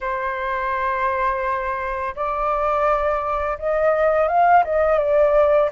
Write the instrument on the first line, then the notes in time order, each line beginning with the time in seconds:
flute
0.00 C5
2.15 D5
3.58 D#5
4.28 F5
4.64 D#5
4.98 D5